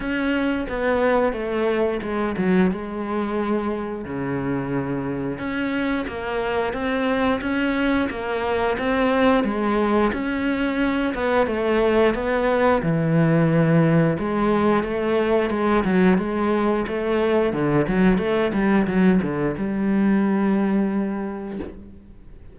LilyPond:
\new Staff \with { instrumentName = "cello" } { \time 4/4 \tempo 4 = 89 cis'4 b4 a4 gis8 fis8 | gis2 cis2 | cis'4 ais4 c'4 cis'4 | ais4 c'4 gis4 cis'4~ |
cis'8 b8 a4 b4 e4~ | e4 gis4 a4 gis8 fis8 | gis4 a4 d8 fis8 a8 g8 | fis8 d8 g2. | }